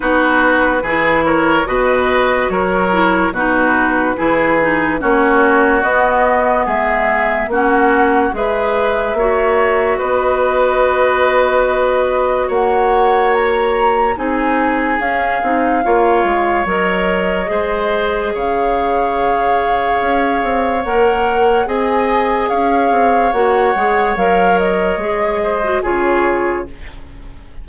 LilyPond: <<
  \new Staff \with { instrumentName = "flute" } { \time 4/4 \tempo 4 = 72 b'4. cis''8 dis''4 cis''4 | b'2 cis''4 dis''4 | e''4 fis''4 e''2 | dis''2. fis''4 |
ais''4 gis''4 f''2 | dis''2 f''2~ | f''4 fis''4 gis''4 f''4 | fis''4 f''8 dis''4. cis''4 | }
  \new Staff \with { instrumentName = "oboe" } { \time 4/4 fis'4 gis'8 ais'8 b'4 ais'4 | fis'4 gis'4 fis'2 | gis'4 fis'4 b'4 cis''4 | b'2. cis''4~ |
cis''4 gis'2 cis''4~ | cis''4 c''4 cis''2~ | cis''2 dis''4 cis''4~ | cis''2~ cis''8 c''8 gis'4 | }
  \new Staff \with { instrumentName = "clarinet" } { \time 4/4 dis'4 e'4 fis'4. e'8 | dis'4 e'8 dis'8 cis'4 b4~ | b4 cis'4 gis'4 fis'4~ | fis'1~ |
fis'4 dis'4 cis'8 dis'8 f'4 | ais'4 gis'2.~ | gis'4 ais'4 gis'2 | fis'8 gis'8 ais'4 gis'8. fis'16 f'4 | }
  \new Staff \with { instrumentName = "bassoon" } { \time 4/4 b4 e4 b,4 fis4 | b,4 e4 ais4 b4 | gis4 ais4 gis4 ais4 | b2. ais4~ |
ais4 c'4 cis'8 c'8 ais8 gis8 | fis4 gis4 cis2 | cis'8 c'8 ais4 c'4 cis'8 c'8 | ais8 gis8 fis4 gis4 cis4 | }
>>